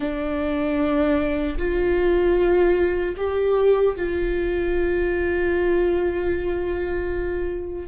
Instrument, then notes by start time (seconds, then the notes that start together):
viola
0.00 D4
1.58 F4
3.17 G4
3.95 F4